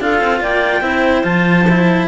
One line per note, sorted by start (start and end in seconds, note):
0.00 0.21 D4
0.00 0.83 F4
0.00 0.41 A4
0.00 0.42 F5
0.21 0.41 C4
0.41 0.81 A#3
0.41 0.82 D5
0.41 1.24 G5
0.81 1.23 C4
0.81 1.24 E4
0.81 2.08 C5
1.24 2.08 F3
1.24 1.66 F4
1.24 2.07 A5
1.70 2.08 E4